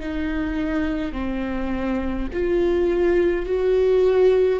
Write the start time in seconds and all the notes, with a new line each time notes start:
0.00 D#4
1.12 C4
2.33 F4
3.46 F#4